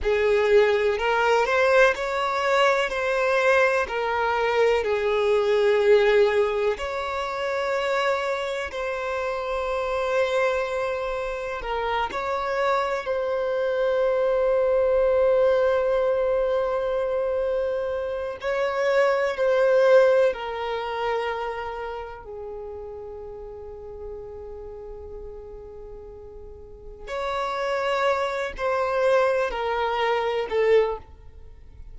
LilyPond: \new Staff \with { instrumentName = "violin" } { \time 4/4 \tempo 4 = 62 gis'4 ais'8 c''8 cis''4 c''4 | ais'4 gis'2 cis''4~ | cis''4 c''2. | ais'8 cis''4 c''2~ c''8~ |
c''2. cis''4 | c''4 ais'2 gis'4~ | gis'1 | cis''4. c''4 ais'4 a'8 | }